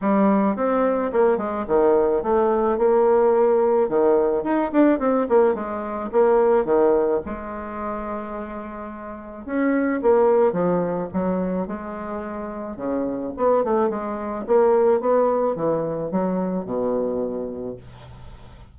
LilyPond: \new Staff \with { instrumentName = "bassoon" } { \time 4/4 \tempo 4 = 108 g4 c'4 ais8 gis8 dis4 | a4 ais2 dis4 | dis'8 d'8 c'8 ais8 gis4 ais4 | dis4 gis2.~ |
gis4 cis'4 ais4 f4 | fis4 gis2 cis4 | b8 a8 gis4 ais4 b4 | e4 fis4 b,2 | }